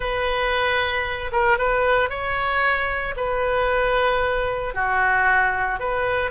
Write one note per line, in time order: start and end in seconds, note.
0.00 1.31 B4
1.32 1.58 A#4
1.58 2.09 B4
2.09 3.14 C#5
3.16 4.74 B4
4.74 5.79 F#4
5.79 6.31 B4